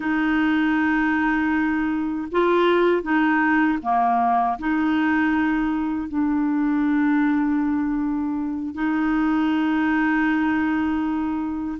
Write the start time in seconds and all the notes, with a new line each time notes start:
0.00 D#4
2.31 F4
3.02 D#4
3.82 A#3
4.58 D#4
6.08 D4
8.74 D#4